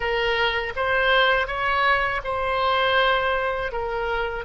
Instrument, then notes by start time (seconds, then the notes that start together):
oboe
0.00 A#4
0.76 C5
1.46 C#5
2.24 C5
3.72 A#4